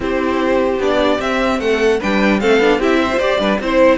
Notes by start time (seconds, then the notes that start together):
0.00 C4 E4 G4 C5
0.78 B3 D4 D5
1.18 C4 E5
1.59 A3 A4 F#5
2.00 G3 D4 B4 G5
2.40 A3 C4 A4 F5
2.59 B3 D4
2.78 C4 E4 G4 E5
3.01 C5
3.12 F4 D5
3.19 G4
3.39 G3 D4 B4
3.59 C4 E4 C5